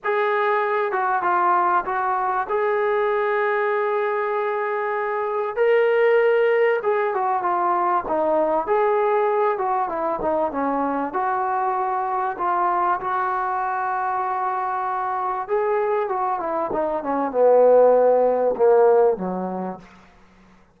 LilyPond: \new Staff \with { instrumentName = "trombone" } { \time 4/4 \tempo 4 = 97 gis'4. fis'8 f'4 fis'4 | gis'1~ | gis'4 ais'2 gis'8 fis'8 | f'4 dis'4 gis'4. fis'8 |
e'8 dis'8 cis'4 fis'2 | f'4 fis'2.~ | fis'4 gis'4 fis'8 e'8 dis'8 cis'8 | b2 ais4 fis4 | }